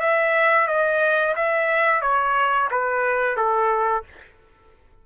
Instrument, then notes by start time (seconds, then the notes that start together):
trumpet
0.00 E5
0.67 D#5
1.35 E5
2.01 C#5
2.71 B4
3.36 A4